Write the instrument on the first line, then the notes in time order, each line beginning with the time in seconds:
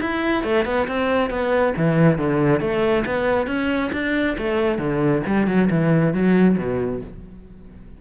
cello
0.00 E4
0.43 A3
0.65 B3
0.87 C4
1.30 B3
1.76 E3
2.18 D3
2.60 A3
3.05 B3
3.47 C#4
3.92 D4
4.38 A3
4.78 D3
5.26 G3
5.47 F#3
5.70 E3
6.13 F#3
6.57 B2